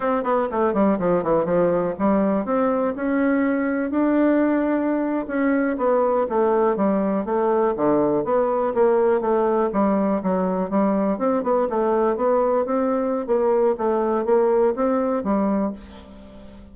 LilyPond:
\new Staff \with { instrumentName = "bassoon" } { \time 4/4 \tempo 4 = 122 c'8 b8 a8 g8 f8 e8 f4 | g4 c'4 cis'2 | d'2~ d'8. cis'4 b16~ | b8. a4 g4 a4 d16~ |
d8. b4 ais4 a4 g16~ | g8. fis4 g4 c'8 b8 a16~ | a8. b4 c'4~ c'16 ais4 | a4 ais4 c'4 g4 | }